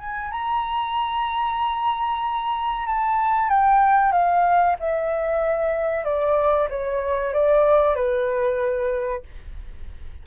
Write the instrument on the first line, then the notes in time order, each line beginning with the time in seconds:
flute
0.00 G#5
0.32 A#5
2.87 A5
3.49 G5
4.12 F5
4.80 E5
6.05 D5
6.70 C#5
7.33 D5
7.96 B4